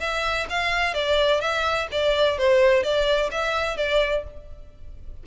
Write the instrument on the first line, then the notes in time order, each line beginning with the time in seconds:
violin
0.00 E5
0.50 F5
0.94 D5
1.41 E5
1.92 D5
2.38 C5
2.83 D5
3.31 E5
3.77 D5